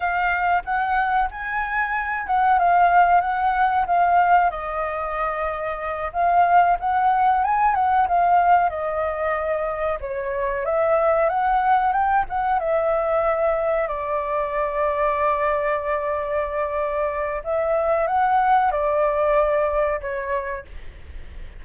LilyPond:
\new Staff \with { instrumentName = "flute" } { \time 4/4 \tempo 4 = 93 f''4 fis''4 gis''4. fis''8 | f''4 fis''4 f''4 dis''4~ | dis''4. f''4 fis''4 gis''8 | fis''8 f''4 dis''2 cis''8~ |
cis''8 e''4 fis''4 g''8 fis''8 e''8~ | e''4. d''2~ d''8~ | d''2. e''4 | fis''4 d''2 cis''4 | }